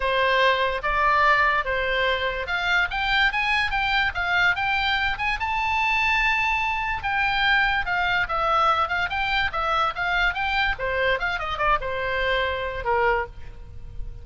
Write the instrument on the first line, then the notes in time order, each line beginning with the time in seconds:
oboe
0.00 C5
0.82 D5
1.64 C5
2.46 F5
2.90 G5
3.32 G#5
3.70 G5
4.14 F5
4.55 G5
5.18 G#5
5.39 A5
7.03 G5
7.85 F5
8.28 E5
8.88 F5
9.09 G5
9.52 E5
9.95 F5
10.34 G5
10.78 C5
11.19 F5
11.39 D#5
11.57 D5
11.80 C5
12.84 A#4